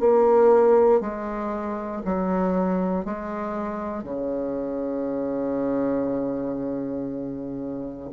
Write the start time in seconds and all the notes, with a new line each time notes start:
0.00 A#3
1.01 G#3
2.05 F#3
3.06 G#3
4.04 C#3